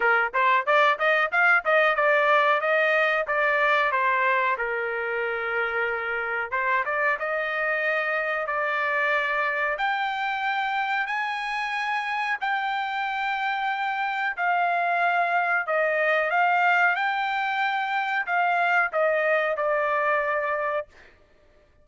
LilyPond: \new Staff \with { instrumentName = "trumpet" } { \time 4/4 \tempo 4 = 92 ais'8 c''8 d''8 dis''8 f''8 dis''8 d''4 | dis''4 d''4 c''4 ais'4~ | ais'2 c''8 d''8 dis''4~ | dis''4 d''2 g''4~ |
g''4 gis''2 g''4~ | g''2 f''2 | dis''4 f''4 g''2 | f''4 dis''4 d''2 | }